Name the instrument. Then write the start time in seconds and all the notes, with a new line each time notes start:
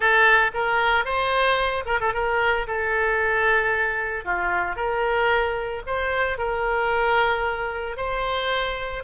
oboe
0.00 A4
0.54 A#4
1.04 C5
1.85 A#4
2.00 A4
2.13 A#4
2.67 A4
4.25 F4
4.76 A#4
5.86 C5
6.38 A#4
7.96 C5